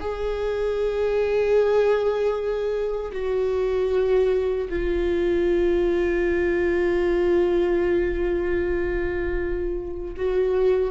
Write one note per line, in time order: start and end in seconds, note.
0.00 3.12 G#4
3.12 4.68 F#4
4.69 10.15 F4
10.17 10.91 F#4